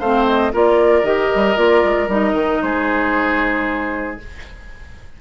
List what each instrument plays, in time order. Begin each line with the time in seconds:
0.00 bassoon A3, clarinet C4, oboe C5, flute F5
0.27 flute D#5
0.52 bassoon A#3, clarinet F4, oboe A#4, flute D5
1.04 bassoon D#3, clarinet G4, flute D#5
1.35 bassoon G3
1.56 bassoon A#3, clarinet F4, flute D5
1.84 bassoon G#3
2.08 bassoon G3, clarinet D#4, flute D#5
2.33 bassoon D#3
2.62 bassoon G#3, oboe G#4, flute C5